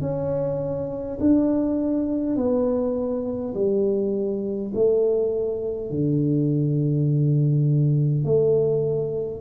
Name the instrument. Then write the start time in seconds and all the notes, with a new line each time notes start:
tuba
0.00 C#4
1.20 D4
2.36 B3
3.54 G3
4.74 A3
5.90 D3
8.24 A3